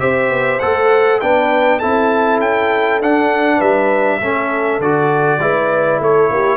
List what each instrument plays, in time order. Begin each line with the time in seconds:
0.00 tuba C4, trombone G4, horn C5, trumpet E5
0.30 tuba B3
0.60 tuba A3, trombone A4, trumpet F#5
1.21 tuba B3, trombone D4, horn B4, trumpet G5
1.79 tuba C4, trombone E4, horn A4, trumpet A5
2.41 tuba C#4, trumpet G5
3.00 tuba D4, trombone D4, trumpet F#5
3.58 tuba G3, horn B4, trumpet E5
4.21 tuba A3, trombone C#4, horn A4
4.79 tuba D3, trombone F#4, trumpet D5
5.39 tuba G#3, trombone E4, horn B4
6.00 tuba A3, horn A4, trumpet C#5
6.30 tuba A#3, horn G4